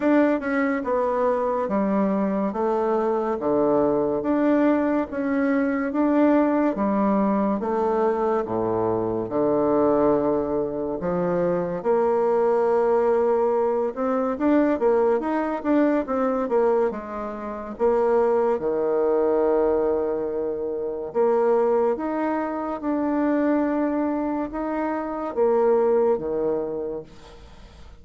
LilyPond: \new Staff \with { instrumentName = "bassoon" } { \time 4/4 \tempo 4 = 71 d'8 cis'8 b4 g4 a4 | d4 d'4 cis'4 d'4 | g4 a4 a,4 d4~ | d4 f4 ais2~ |
ais8 c'8 d'8 ais8 dis'8 d'8 c'8 ais8 | gis4 ais4 dis2~ | dis4 ais4 dis'4 d'4~ | d'4 dis'4 ais4 dis4 | }